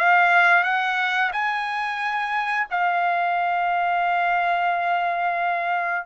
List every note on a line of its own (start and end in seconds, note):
0.00 0.64 F5
0.64 1.32 F#5
1.33 2.68 G#5
2.71 6.06 F5